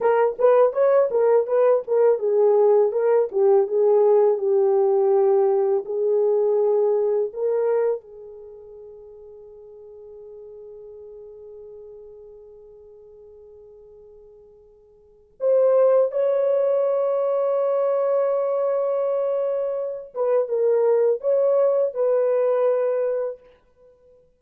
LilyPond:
\new Staff \with { instrumentName = "horn" } { \time 4/4 \tempo 4 = 82 ais'8 b'8 cis''8 ais'8 b'8 ais'8 gis'4 | ais'8 g'8 gis'4 g'2 | gis'2 ais'4 gis'4~ | gis'1~ |
gis'1~ | gis'4 c''4 cis''2~ | cis''2.~ cis''8 b'8 | ais'4 cis''4 b'2 | }